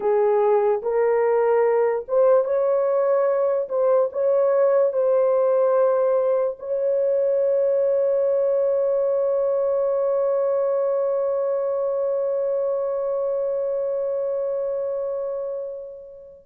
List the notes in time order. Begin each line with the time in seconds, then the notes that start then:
0.00 G#4
0.82 A#4
2.08 C5
2.44 C#5
3.68 C5
4.12 C#5
4.92 C5
6.59 C#5